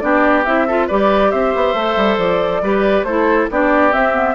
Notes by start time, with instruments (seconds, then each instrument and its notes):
0.00 bassoon B3, clarinet D4, oboe G4, flute D5
0.44 bassoon C4, clarinet E4, flute E5
0.67 clarinet F4, oboe A4
0.87 bassoon G3, clarinet G4, oboe B4, flute D5
1.31 bassoon C4, oboe C5, flute E5
1.55 bassoon B3
1.74 bassoon A3, clarinet A4
1.97 bassoon G3
2.18 bassoon F3, flute D5
2.62 bassoon G3, clarinet G4, oboe B4
3.04 bassoon A3, clarinet E4, oboe A4, flute C5
3.50 bassoon B3, clarinet D4, oboe G4, flute D5
3.92 clarinet C4, bassoon C4, flute E5
4.13 clarinet B3